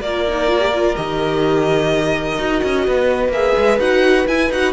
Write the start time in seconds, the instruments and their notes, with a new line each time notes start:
0.00 cello A#3, viola F4, violin A#4 D5
0.28 viola D#4
0.48 viola F4
0.60 viola G4
0.74 viola F4
0.95 cello D#3, viola G4, violin D#5
2.36 cello D#4, viola F#4
2.64 cello C#4
2.86 cello B3, violin B4
3.29 cello A#3, viola G#4, violin E5
3.58 cello G#3
3.79 cello D#4, viola F#4, violin F#5
4.27 cello E4, viola E4, violin G#5
4.50 cello D#4, viola F#4, violin F#5